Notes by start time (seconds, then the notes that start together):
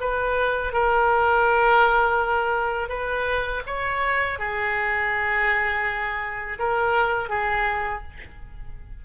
0.00 B4
0.72 A#4
2.89 B4
3.66 C#5
4.38 G#4
6.59 A#4
7.29 G#4